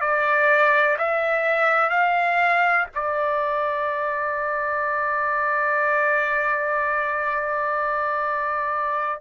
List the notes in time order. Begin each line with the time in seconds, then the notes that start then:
0.00 D5
0.98 E5
1.90 F5
2.94 D5